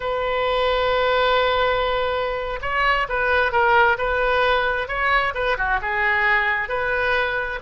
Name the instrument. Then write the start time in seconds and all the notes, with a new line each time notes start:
oboe
0.00 B4
2.61 C#5
3.08 B4
3.51 A#4
3.98 B4
4.88 C#5
5.34 B4
5.57 F#4
5.81 G#4
6.68 B4